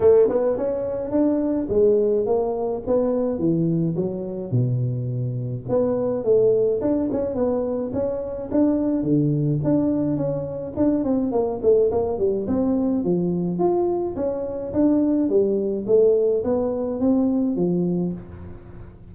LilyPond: \new Staff \with { instrumentName = "tuba" } { \time 4/4 \tempo 4 = 106 a8 b8 cis'4 d'4 gis4 | ais4 b4 e4 fis4 | b,2 b4 a4 | d'8 cis'8 b4 cis'4 d'4 |
d4 d'4 cis'4 d'8 c'8 | ais8 a8 ais8 g8 c'4 f4 | f'4 cis'4 d'4 g4 | a4 b4 c'4 f4 | }